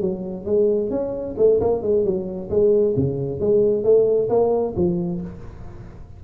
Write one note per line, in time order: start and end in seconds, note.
0.00 0.45 F#3
0.45 0.90 G#3
0.90 1.35 C#4
1.37 1.60 A3
1.60 1.82 A#3
1.82 2.04 G#3
2.04 2.50 F#3
2.50 2.95 G#3
2.96 3.40 C#3
3.40 3.83 G#3
3.83 4.28 A3
4.29 4.74 A#3
4.76 5.21 F3